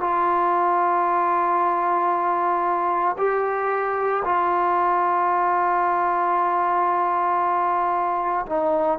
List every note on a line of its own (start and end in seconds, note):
0.00 3.16 F4
3.18 4.23 G4
4.24 8.45 F4
8.46 8.99 D#4